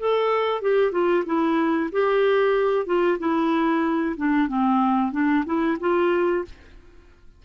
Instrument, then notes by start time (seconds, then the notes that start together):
clarinet
0.00 A4
0.62 G4
0.92 F4
1.26 E4
1.92 G4
2.87 F4
3.19 E4
4.17 D4
4.48 C4
5.13 D4
5.46 E4
5.81 F4